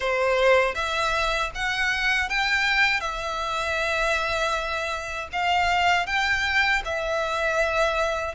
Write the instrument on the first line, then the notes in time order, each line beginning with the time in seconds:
violin
0.00 C5
0.75 E5
1.54 F#5
2.29 G5
3.00 E5
5.32 F5
6.06 G5
6.84 E5